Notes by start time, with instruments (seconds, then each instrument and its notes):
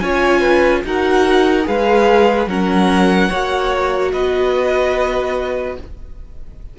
0.00 cello C#4, viola F4, violin C#5 G#5
0.41 violin B4
0.84 cello D#4, viola F#4, violin A#4 F#5
1.64 cello G#3, viola G#4, violin B4 F5
2.47 cello F#3, viola C#4, violin A#4 F#5
3.29 cello A#3, viola F#4, violin C#5
4.12 cello B3, violin B4 D#5